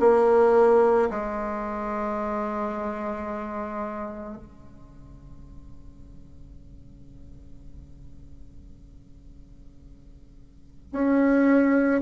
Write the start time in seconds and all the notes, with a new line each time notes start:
0.00 A#3
1.11 G#3
4.37 C#3
10.92 C#4